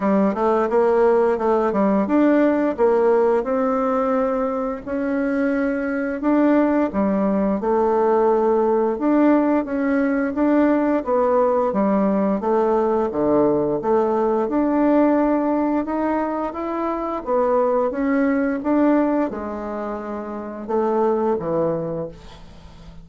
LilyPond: \new Staff \with { instrumentName = "bassoon" } { \time 4/4 \tempo 4 = 87 g8 a8 ais4 a8 g8 d'4 | ais4 c'2 cis'4~ | cis'4 d'4 g4 a4~ | a4 d'4 cis'4 d'4 |
b4 g4 a4 d4 | a4 d'2 dis'4 | e'4 b4 cis'4 d'4 | gis2 a4 e4 | }